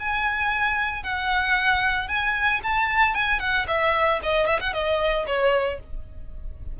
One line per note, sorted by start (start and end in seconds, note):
0.00 1.04 G#5
1.04 2.08 F#5
2.08 2.61 G#5
2.64 3.15 A5
3.15 3.40 G#5
3.40 3.66 F#5
3.68 4.20 E5
4.23 4.47 D#5
4.47 4.60 E5
4.61 4.73 F#5
4.73 5.26 D#5
5.27 5.80 C#5